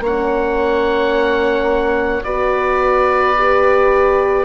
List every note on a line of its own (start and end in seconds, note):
0.00 2.22 A#3
0.00 2.24 C#5
0.00 2.24 F#5
0.06 2.25 C#4
2.24 4.46 B3
2.24 3.36 F#4
2.24 4.46 B4
2.24 4.46 D5
3.37 4.46 G4